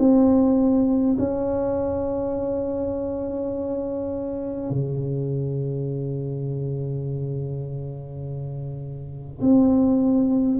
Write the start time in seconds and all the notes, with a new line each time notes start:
0.00 C4
1.19 C#4
4.71 C#3
9.41 C4